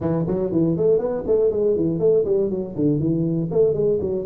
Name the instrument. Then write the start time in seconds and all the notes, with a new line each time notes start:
tuba
0.00 E3
0.27 F#3
0.51 E3
0.76 A3
0.98 B3
1.26 A3
1.50 G#3
1.75 E3
1.99 A3
2.25 G3
2.50 F#3
2.75 D3
2.99 E3
3.51 A3
3.73 G#3
4.00 F#3